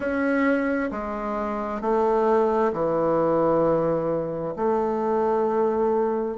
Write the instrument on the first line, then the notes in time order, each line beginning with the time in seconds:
bassoon
0.00 C#4
0.91 G#3
1.81 A3
2.73 E3
4.55 A3